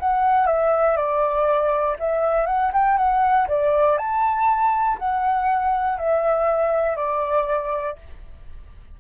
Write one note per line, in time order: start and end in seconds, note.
0.00 0.47 F#5
0.47 0.97 E5
0.97 1.97 D5
2.00 2.47 E5
2.47 2.72 F#5
2.73 2.98 G5
2.98 3.48 F#5
3.48 3.98 D5
3.98 4.98 A5
4.99 5.98 F#5
5.98 6.97 E5
6.97 7.97 D5